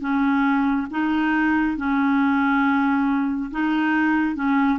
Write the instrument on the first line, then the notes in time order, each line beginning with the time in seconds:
clarinet
0.00 C#4
0.90 D#4
1.77 C#4
3.51 D#4
4.35 C#4